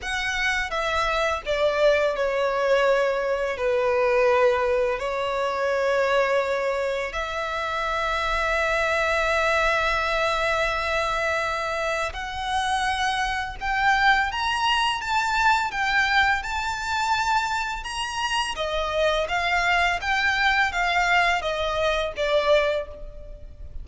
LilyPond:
\new Staff \with { instrumentName = "violin" } { \time 4/4 \tempo 4 = 84 fis''4 e''4 d''4 cis''4~ | cis''4 b'2 cis''4~ | cis''2 e''2~ | e''1~ |
e''4 fis''2 g''4 | ais''4 a''4 g''4 a''4~ | a''4 ais''4 dis''4 f''4 | g''4 f''4 dis''4 d''4 | }